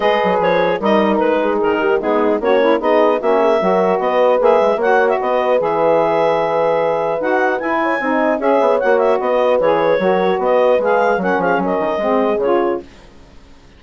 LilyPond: <<
  \new Staff \with { instrumentName = "clarinet" } { \time 4/4 \tempo 4 = 150 dis''4 cis''4 dis''4 b'4 | ais'4 gis'4 cis''4 dis''4 | e''2 dis''4 e''4 | fis''8. e''16 dis''4 e''2~ |
e''2 fis''4 gis''4~ | gis''4 e''4 fis''8 e''8 dis''4 | cis''2 dis''4 f''4 | fis''8 f''8 dis''2 cis''4 | }
  \new Staff \with { instrumentName = "horn" } { \time 4/4 b'2 ais'4. gis'8~ | gis'8 g'8 dis'4 cis'4 gis'4 | fis'8 gis'8 ais'4 b'2 | cis''4 b'2.~ |
b'2.~ b'8 cis''8 | dis''4 cis''2 b'4~ | b'4 ais'4 b'2 | ais'8 gis'8 ais'4 gis'2 | }
  \new Staff \with { instrumentName = "saxophone" } { \time 4/4 gis'2 dis'2~ | dis'4 b4 fis'8 e'8 dis'4 | cis'4 fis'2 gis'4 | fis'2 gis'2~ |
gis'2 fis'4 e'4 | dis'4 gis'4 fis'2 | gis'4 fis'2 gis'4 | cis'2 c'4 f'4 | }
  \new Staff \with { instrumentName = "bassoon" } { \time 4/4 gis8 fis8 f4 g4 gis4 | dis4 gis4 ais4 b4 | ais4 fis4 b4 ais8 gis8 | ais4 b4 e2~ |
e2 dis'4 e'4 | c'4 cis'8 b8 ais4 b4 | e4 fis4 b4 gis4 | fis8 f8 fis8 dis8 gis4 cis4 | }
>>